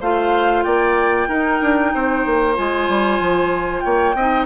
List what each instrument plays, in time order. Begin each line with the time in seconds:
0.00 bassoon A3, clarinet F4, oboe C5, flute F5
0.63 bassoon A#3, oboe D5, flute G5
1.28 bassoon D#4, clarinet D#4, oboe A#4
1.61 bassoon D4
1.94 bassoon C4, oboe C5
2.26 bassoon A#3
2.55 bassoon G#3, clarinet F4, flute G#5
2.88 bassoon G3
3.20 bassoon F3
3.80 bassoon A#3, oboe C#5, flute G5
4.14 bassoon C4, clarinet D#4, oboe D#5